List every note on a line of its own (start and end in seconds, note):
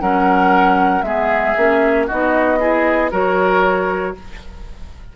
0.00 1.02 F#3
0.00 1.04 C#4
0.00 1.05 A#4
0.00 1.02 F#5
1.02 1.54 G#3
1.02 1.56 B3
1.02 2.07 G#4
1.02 2.05 E5
1.57 2.09 A#3
1.57 2.09 C#4
2.07 3.12 B3
2.07 2.59 D#4
2.07 2.59 F#4
2.07 3.11 D#5
2.59 3.11 E4
2.59 3.11 G#4
3.11 4.16 F#3
3.11 4.14 F#4
3.11 4.15 A#4
3.11 4.16 C#5